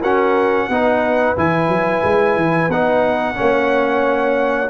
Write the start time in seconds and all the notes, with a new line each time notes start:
0.00 C#4 F#4 A#4 F#5
0.69 B3 D#4 B4
1.37 E3 E4 G#5
1.68 F#3
2.04 G#3
2.36 E3
2.68 B3 D#4 F#5
3.34 A#3 C#4 C#5